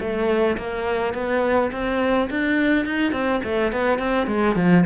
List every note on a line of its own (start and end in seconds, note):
0.00 0.57 A3
0.57 1.14 A#3
1.14 1.71 B3
1.72 2.29 C4
2.30 2.85 D4
2.85 3.12 D#4
3.12 3.41 C4
3.44 3.72 A3
3.72 3.99 B3
3.99 4.27 C4
4.27 4.55 G#3
4.55 4.84 F3